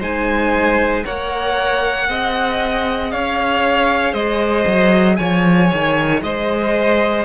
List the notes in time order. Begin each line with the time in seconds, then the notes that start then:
0.00 G#3 D#4 C5 G#5
1.04 A#3 A#4 C#5 F#5
2.07 C4 G#4 D#5
3.11 C#4 C#5 F5
4.12 G#3 C5 D#5
4.67 F#3
5.16 F3 C#5 G#5
5.72 D#3
6.23 G#3 C5 D#5